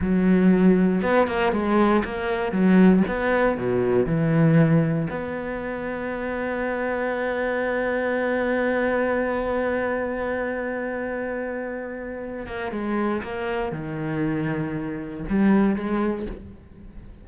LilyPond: \new Staff \with { instrumentName = "cello" } { \time 4/4 \tempo 4 = 118 fis2 b8 ais8 gis4 | ais4 fis4 b4 b,4 | e2 b2~ | b1~ |
b1~ | b1~ | b8 ais8 gis4 ais4 dis4~ | dis2 g4 gis4 | }